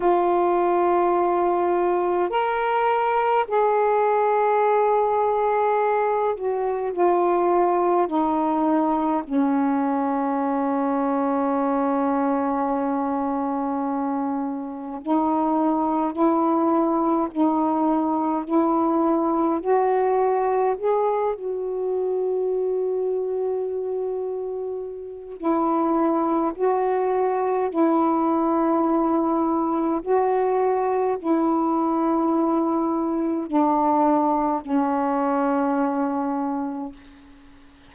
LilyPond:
\new Staff \with { instrumentName = "saxophone" } { \time 4/4 \tempo 4 = 52 f'2 ais'4 gis'4~ | gis'4. fis'8 f'4 dis'4 | cis'1~ | cis'4 dis'4 e'4 dis'4 |
e'4 fis'4 gis'8 fis'4.~ | fis'2 e'4 fis'4 | e'2 fis'4 e'4~ | e'4 d'4 cis'2 | }